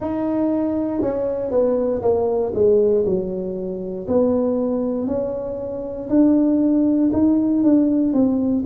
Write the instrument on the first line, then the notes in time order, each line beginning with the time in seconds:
tuba
0.00 D#4
1.01 C#4
1.50 B3
2.02 A#3
2.54 G#3
3.05 F#3
4.07 B3
5.07 C#4
6.09 D4
7.12 D#4
7.63 D4
8.13 C4